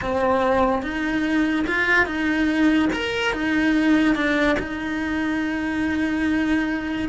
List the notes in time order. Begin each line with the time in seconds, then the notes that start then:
0.01 C4
0.82 D#4
1.67 F4
2.06 D#4
2.92 A#4
3.32 D#4
4.15 D4
4.59 D#4